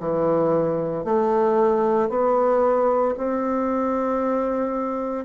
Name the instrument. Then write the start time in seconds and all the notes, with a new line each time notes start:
bassoon
0.00 E3
1.04 A3
2.10 B3
3.17 C4